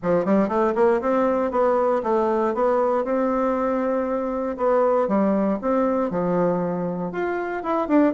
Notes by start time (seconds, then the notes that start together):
0.02 F3
0.25 G3
0.48 A3
0.75 A#3
1.01 C4
1.51 B3
2.03 A3
2.54 B3
3.04 C4
4.57 B3
5.07 G3
5.61 C4
6.10 F3
7.12 F4
7.63 E4
7.88 D4